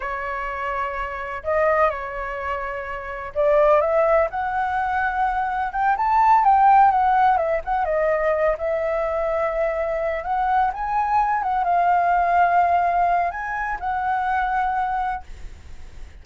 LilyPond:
\new Staff \with { instrumentName = "flute" } { \time 4/4 \tempo 4 = 126 cis''2. dis''4 | cis''2. d''4 | e''4 fis''2. | g''8 a''4 g''4 fis''4 e''8 |
fis''8 dis''4. e''2~ | e''4. fis''4 gis''4. | fis''8 f''2.~ f''8 | gis''4 fis''2. | }